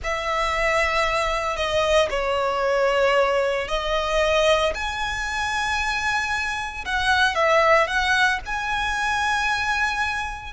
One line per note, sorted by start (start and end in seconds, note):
0.03 1.56 E5
1.56 2.09 D#5
2.10 3.67 C#5
3.67 4.73 D#5
4.74 6.84 G#5
6.85 7.35 F#5
7.35 7.87 E5
7.87 8.39 F#5
8.45 10.53 G#5